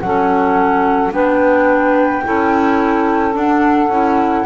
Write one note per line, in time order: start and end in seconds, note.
0.00 1.11 F#3
0.00 1.11 C#4
0.00 1.12 A4
0.00 1.11 F#5
1.11 2.22 B3
1.11 2.22 D4
1.11 2.24 B4
1.11 3.35 G5
2.24 3.35 C#4
2.24 3.33 E4
2.24 4.46 A4
3.33 3.88 D4
3.33 4.46 F#5
3.88 4.44 C#4
3.88 4.46 E4